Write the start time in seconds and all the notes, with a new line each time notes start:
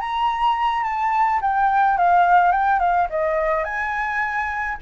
0.00 A#5
0.83 A5
1.41 G5
1.97 F5
2.52 G5
2.79 F5
3.10 D#5
3.64 G#5